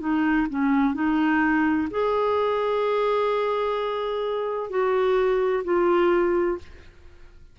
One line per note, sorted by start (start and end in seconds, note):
0.00 0.47 D#4
0.50 0.95 C#4
0.95 1.88 D#4
1.90 4.70 G#4
4.70 5.64 F#4
5.64 6.58 F4